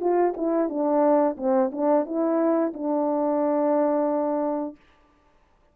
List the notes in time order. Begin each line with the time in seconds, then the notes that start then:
0.00 F4
0.36 E4
0.69 D4
1.37 C4
1.72 D4
2.05 E4
2.73 D4